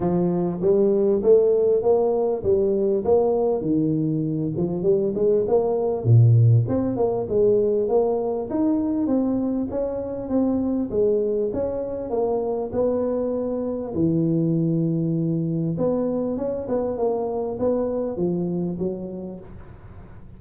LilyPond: \new Staff \with { instrumentName = "tuba" } { \time 4/4 \tempo 4 = 99 f4 g4 a4 ais4 | g4 ais4 dis4. f8 | g8 gis8 ais4 ais,4 c'8 ais8 | gis4 ais4 dis'4 c'4 |
cis'4 c'4 gis4 cis'4 | ais4 b2 e4~ | e2 b4 cis'8 b8 | ais4 b4 f4 fis4 | }